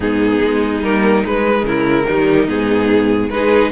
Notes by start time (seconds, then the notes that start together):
0.00 G#2 B3 D#4 G#4
0.41 G#3
0.82 G3 A#3 A#4
1.24 G#3 B4
1.63 C#3 E4 A#4
2.06 D#3 G3 D#4
2.47 G#2 B3 G#4
3.29 G#3 D#4 G#4 B4